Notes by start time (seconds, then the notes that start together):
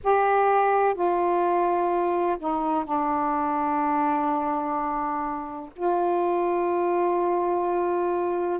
0.03 G4
0.94 F4
2.38 D#4
2.84 D4
5.76 F4